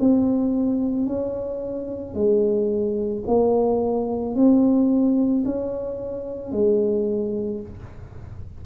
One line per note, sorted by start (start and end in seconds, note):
0.00 1.07 C4
1.07 2.14 C#4
2.14 3.23 G#3
3.27 4.35 A#3
4.35 5.44 C4
5.45 6.52 C#4
6.52 7.61 G#3